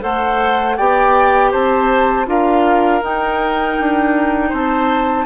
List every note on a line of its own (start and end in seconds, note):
0.00 0.78 A3
0.00 0.75 A4
0.00 0.77 C5
0.00 0.77 F#5
0.77 1.53 B3
0.77 2.26 G4
0.77 1.51 D5
0.77 1.52 G5
1.51 2.27 C4
1.51 2.26 C5
1.51 2.27 A5
2.26 3.02 D4
2.26 3.01 F4
2.26 4.49 A#4
2.26 3.03 F5
3.02 3.77 D#4
3.02 5.26 D#4
3.02 4.53 G5
3.80 4.52 D4
4.49 5.26 C4
4.49 5.24 C5
4.49 5.26 A5